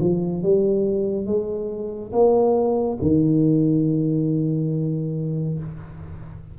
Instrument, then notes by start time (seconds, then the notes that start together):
tuba
0.00 F3
0.42 G3
1.26 G#3
2.12 A#3
3.02 D#3